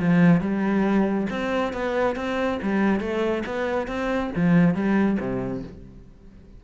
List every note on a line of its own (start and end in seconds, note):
0.00 0.40 F3
0.40 1.27 G3
1.30 1.73 C4
1.73 2.16 B3
2.16 2.59 C4
2.62 3.00 G3
3.00 3.43 A3
3.46 3.87 B3
3.87 4.30 C4
4.36 4.75 F3
4.75 5.18 G3
5.20 5.63 C3